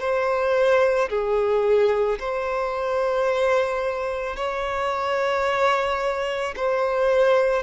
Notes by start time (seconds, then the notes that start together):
0.00 C5
1.10 G#4
2.19 C5
4.36 C#5
6.57 C5